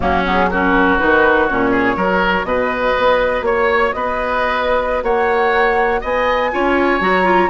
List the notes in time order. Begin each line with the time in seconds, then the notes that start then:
0.00 F#3 A#3 C#4 F#4
0.25 B3 G#4
0.50 C#4 F#4 A#4
0.98 D#3 D#4 B4
1.46 A#2 C#4 C#5
1.70 G#4
1.96 F#3 F#4 A#4
2.43 B2 B4 D#5
2.97 B3
3.41 A#3 C#5
3.92 B3 B4 D#5
5.03 A#3 C#5 F#5
6.00 B3 D#5 G#5
6.52 C#4 F4 C#5
7.00 F#3 F#4 A#5
7.24 F4